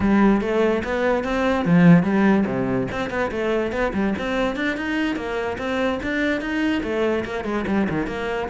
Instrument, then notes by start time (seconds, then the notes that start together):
cello
0.00 G3
0.41 A3
0.84 B3
1.24 C4
1.65 F3
2.03 G3
2.46 C3
2.91 C4
3.10 B3
3.31 A3
3.71 B3
3.93 G3
4.18 C4
4.56 D4
4.76 D#4
5.16 A#3
5.58 C4
6.02 D4
6.40 D#4
6.83 A3
7.24 A#3
7.44 G#3
7.67 G3
7.89 D#3
8.07 A#3